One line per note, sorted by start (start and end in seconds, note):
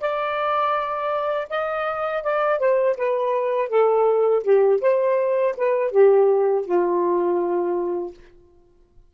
0.00 1.48 D5
1.49 2.23 D#5
2.23 2.59 D5
2.59 2.96 C5
2.97 3.69 B4
3.69 4.43 A4
4.43 4.80 G4
4.81 5.55 C5
5.57 5.92 B4
5.92 6.65 G4
6.65 8.13 F4